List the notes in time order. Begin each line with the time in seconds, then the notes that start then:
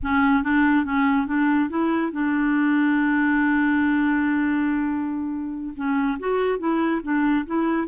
0.03 C#4
0.43 D4
0.85 C#4
1.27 D4
1.69 E4
2.11 D4
5.76 C#4
6.19 F#4
6.58 E4
7.03 D4
7.46 E4